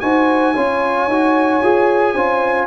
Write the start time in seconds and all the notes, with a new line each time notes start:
0.00 D#4 F#4 C5 G#5
0.54 C#4 F4 C#5
1.07 D#4 F#4
1.63 F4 G#4
2.14 C#4 F4 C5